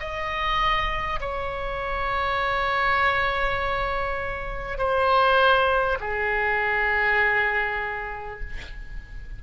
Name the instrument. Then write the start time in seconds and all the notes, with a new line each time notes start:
oboe
0.00 D#5
1.21 C#5
4.78 C5
6.01 G#4